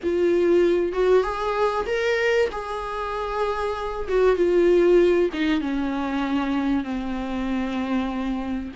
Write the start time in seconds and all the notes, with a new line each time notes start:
0.03 F4
0.92 F#4
1.23 G#4
1.86 A#4
2.51 G#4
4.08 F#4
4.36 F4
5.33 D#4
5.61 C#4
6.84 C4